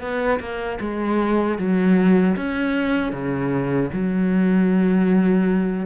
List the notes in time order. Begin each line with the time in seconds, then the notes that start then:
0.00 B3
0.39 A#3
0.80 G#3
1.58 F#3
2.36 C#4
3.12 C#3
3.92 F#3